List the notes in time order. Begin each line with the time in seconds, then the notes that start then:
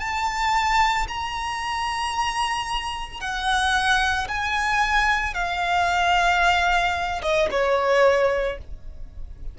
0.00 A5
1.08 A#5
3.20 F#5
4.29 G#5
5.34 F5
7.22 D#5
7.51 C#5